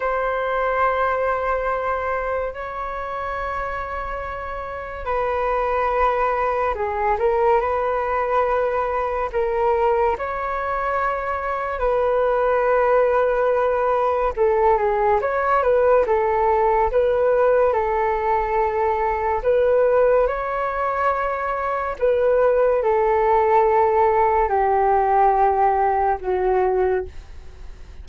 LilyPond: \new Staff \with { instrumentName = "flute" } { \time 4/4 \tempo 4 = 71 c''2. cis''4~ | cis''2 b'2 | gis'8 ais'8 b'2 ais'4 | cis''2 b'2~ |
b'4 a'8 gis'8 cis''8 b'8 a'4 | b'4 a'2 b'4 | cis''2 b'4 a'4~ | a'4 g'2 fis'4 | }